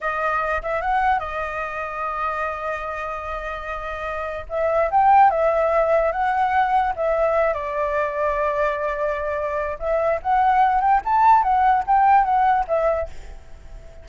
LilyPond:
\new Staff \with { instrumentName = "flute" } { \time 4/4 \tempo 4 = 147 dis''4. e''8 fis''4 dis''4~ | dis''1~ | dis''2. e''4 | g''4 e''2 fis''4~ |
fis''4 e''4. d''4.~ | d''1 | e''4 fis''4. g''8 a''4 | fis''4 g''4 fis''4 e''4 | }